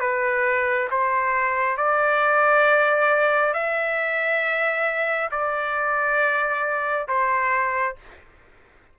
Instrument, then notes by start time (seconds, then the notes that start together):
trumpet
0.00 B4
0.91 C5
1.78 D5
3.54 E5
5.31 D5
7.08 C5